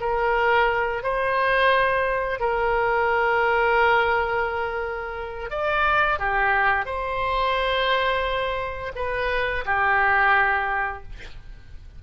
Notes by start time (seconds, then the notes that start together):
0.00 A#4
1.03 C5
2.40 A#4
5.50 D5
6.19 G4
6.85 C5
8.95 B4
9.65 G4